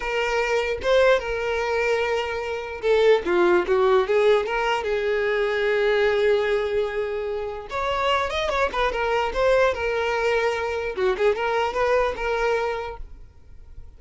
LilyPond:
\new Staff \with { instrumentName = "violin" } { \time 4/4 \tempo 4 = 148 ais'2 c''4 ais'4~ | ais'2. a'4 | f'4 fis'4 gis'4 ais'4 | gis'1~ |
gis'2. cis''4~ | cis''8 dis''8 cis''8 b'8 ais'4 c''4 | ais'2. fis'8 gis'8 | ais'4 b'4 ais'2 | }